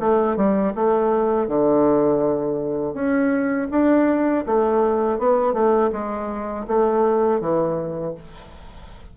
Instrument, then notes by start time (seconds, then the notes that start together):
bassoon
0.00 A3
0.37 G3
0.75 A3
1.48 D3
2.94 C#4
3.71 D4
4.46 A3
5.19 B3
5.54 A3
5.93 G#3
6.68 A3
7.41 E3